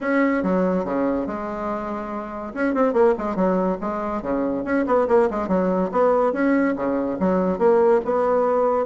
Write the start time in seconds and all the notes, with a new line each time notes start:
0.00 C#4
0.43 F#3
0.85 C#3
1.26 G#3
2.54 C#4
2.74 C4
2.93 A#3
3.17 G#3
3.35 F#3
3.80 G#3
4.22 C#3
4.64 C#4
4.86 B3
5.07 A#3
5.30 G#3
5.48 F#3
5.91 B3
6.32 C#4
6.75 C#3
7.19 F#3
7.58 A#3
8.04 B3